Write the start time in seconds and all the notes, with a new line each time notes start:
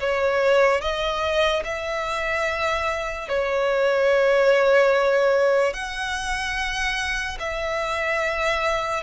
0.00 C#5
0.81 D#5
1.65 E5
3.29 C#5
5.74 F#5
7.40 E5